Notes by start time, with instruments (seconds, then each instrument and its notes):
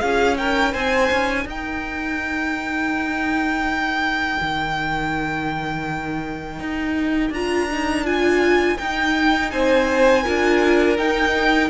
0.00 cello C#4, viola F4, violin G#4 F5
0.37 viola D#4, violin A#4 G5
0.73 cello C4, violin C5 G#5
1.11 cello C#4
1.44 cello D#4, violin A#4 G5
4.41 cello D#3
6.60 cello D#4
7.30 cello D4, viola F4, violin A#5
7.71 viola D#4
8.05 viola F4, violin G#5
8.78 cello D#4, viola D#4, violin G5
9.51 cello C4, violin C5 G#5
10.23 cello D4, viola F4, violin A#4
10.98 cello D#4, viola D#4, violin G5